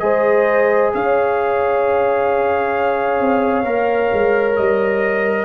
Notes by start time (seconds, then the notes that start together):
0.00 G#3 G#4 C5 D#5
0.95 C#4 C#5 F5
3.21 C4
3.64 A#3 A#4
4.13 G#3
4.56 G3 D#5